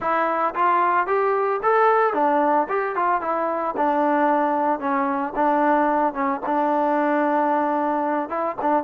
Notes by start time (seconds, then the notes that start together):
0.00 E4
0.54 F4
1.06 G4
1.62 A4
2.13 D4
2.68 G4
2.95 F4
3.21 E4
3.76 D4
4.79 C#4
5.35 D4
6.13 C#4
6.46 D4
8.29 E4
8.61 D4